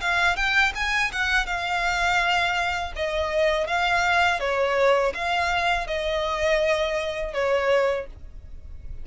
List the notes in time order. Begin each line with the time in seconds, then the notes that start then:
0.00 F5
0.36 G5
0.75 G#5
1.12 F#5
1.46 F5
2.96 D#5
3.67 F5
4.39 C#5
5.14 F5
5.87 D#5
7.33 C#5